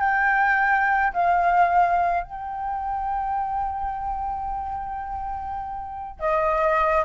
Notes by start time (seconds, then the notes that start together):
0.00 G5
1.13 F5
2.24 G5
6.20 D#5